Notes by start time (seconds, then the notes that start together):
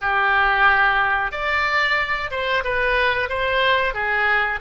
0.01 G4
1.31 D5
2.30 C5
2.63 B4
3.29 C5
3.94 G#4